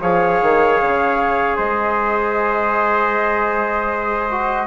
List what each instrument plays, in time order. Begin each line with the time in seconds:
0.00 bassoon F3, trombone G#4, trumpet C#5, flute F5
0.41 bassoon D#3
0.81 bassoon C#3
1.56 bassoon G#3, trumpet C5, flute D#5
4.31 trombone F#4